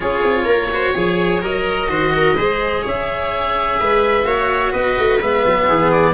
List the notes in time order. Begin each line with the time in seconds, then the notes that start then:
0.00 C#4 F4 G#4 C#5
0.23 C4
0.43 A#3 A#4
0.71 F#4 C5
0.94 F3 G#4 C#5
1.41 F#3 A#4 D#5
1.88 D#3 F#4 C5
2.16 A#4
2.36 G#3 G#4 C5
2.82 C#4 C#5 E5
3.79 G#3 B4
4.24 A#3 F#4 C#5
4.71 B3 B4 D#5
4.98 A3
5.20 G#3 B3 E5
5.45 F#3
5.67 E3 G#4
5.91 D5